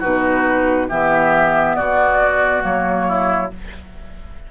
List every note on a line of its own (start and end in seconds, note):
0.00 0.91 B2
0.00 0.90 D#4
0.00 0.87 F#4
0.00 0.89 B4
0.90 1.78 E3
0.90 2.61 B3
0.90 1.77 G4
0.90 1.76 E5
1.76 2.64 B2
1.76 3.07 F#4
1.76 2.63 D5
2.61 3.51 F#3
2.61 3.48 A#3
2.61 3.52 C#5
3.08 3.52 E4